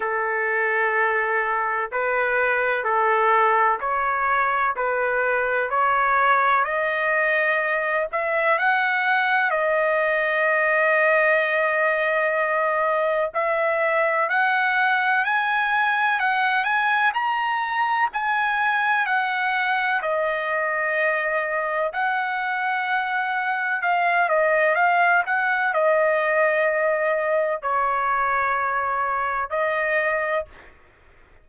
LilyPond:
\new Staff \with { instrumentName = "trumpet" } { \time 4/4 \tempo 4 = 63 a'2 b'4 a'4 | cis''4 b'4 cis''4 dis''4~ | dis''8 e''8 fis''4 dis''2~ | dis''2 e''4 fis''4 |
gis''4 fis''8 gis''8 ais''4 gis''4 | fis''4 dis''2 fis''4~ | fis''4 f''8 dis''8 f''8 fis''8 dis''4~ | dis''4 cis''2 dis''4 | }